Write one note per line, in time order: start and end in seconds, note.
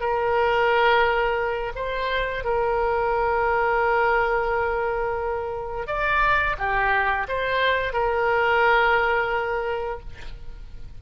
0.00 1.72 A#4
1.75 2.44 C5
2.44 5.87 A#4
5.87 6.56 D5
6.58 7.27 G4
7.28 7.93 C5
7.93 10.00 A#4